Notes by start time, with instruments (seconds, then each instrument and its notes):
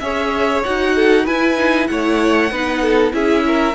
0.00 cello C#4, viola G#4, violin C#5 E5
0.64 cello D#4, viola F#4, violin F#5
0.96 violin A4
1.25 viola E4, cello E4, violin B4 G#5
1.57 viola D#4
1.88 cello A3, viola E4, violin C#5 F#5
2.51 cello B3, viola D#4, violin B4
2.82 violin A4
3.12 cello C#4, viola E4, violin G#4 E5
3.46 violin A#4